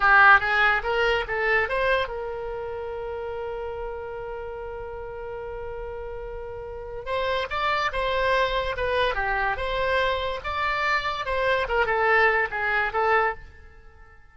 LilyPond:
\new Staff \with { instrumentName = "oboe" } { \time 4/4 \tempo 4 = 144 g'4 gis'4 ais'4 a'4 | c''4 ais'2.~ | ais'1~ | ais'1~ |
ais'4 c''4 d''4 c''4~ | c''4 b'4 g'4 c''4~ | c''4 d''2 c''4 | ais'8 a'4. gis'4 a'4 | }